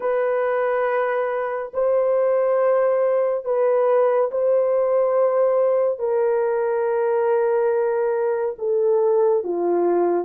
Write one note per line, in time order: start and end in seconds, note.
0.00 1.71 B4
1.73 3.44 C5
3.44 4.30 B4
4.31 5.98 C5
5.98 8.55 A#4
8.58 9.43 A4
9.43 10.24 F4